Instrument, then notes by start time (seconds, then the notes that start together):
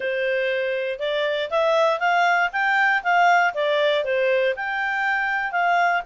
clarinet
0.00 C5
0.99 D5
1.50 E5
1.99 F5
2.52 G5
3.03 F5
3.53 D5
4.04 C5
4.56 G5
5.51 F5